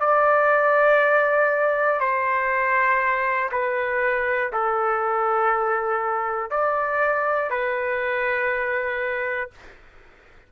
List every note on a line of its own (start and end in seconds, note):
0.00 2.00 D5
2.00 3.50 C5
3.51 4.51 B4
4.52 6.50 A4
6.50 7.50 D5
7.50 9.50 B4